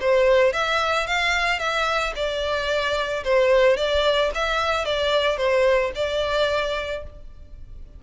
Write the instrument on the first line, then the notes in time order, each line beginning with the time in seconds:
violin
0.00 C5
0.52 E5
1.06 F5
1.59 E5
2.15 D5
3.23 C5
3.76 D5
4.34 E5
4.85 D5
5.37 C5
5.95 D5